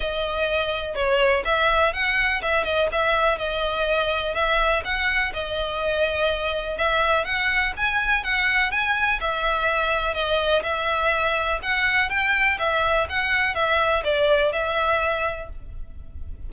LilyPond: \new Staff \with { instrumentName = "violin" } { \time 4/4 \tempo 4 = 124 dis''2 cis''4 e''4 | fis''4 e''8 dis''8 e''4 dis''4~ | dis''4 e''4 fis''4 dis''4~ | dis''2 e''4 fis''4 |
gis''4 fis''4 gis''4 e''4~ | e''4 dis''4 e''2 | fis''4 g''4 e''4 fis''4 | e''4 d''4 e''2 | }